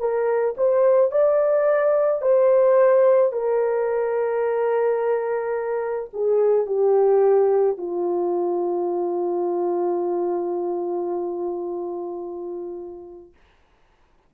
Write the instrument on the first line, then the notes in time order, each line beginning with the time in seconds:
horn
0.00 A#4
0.58 C5
1.12 D5
2.22 C5
3.33 A#4
6.14 G#4
6.67 G4
7.78 F4